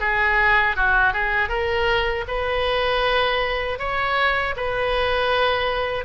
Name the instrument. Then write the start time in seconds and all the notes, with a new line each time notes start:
oboe
0.00 G#4
0.76 F#4
1.13 G#4
1.49 A#4
2.28 B4
3.79 C#5
4.56 B4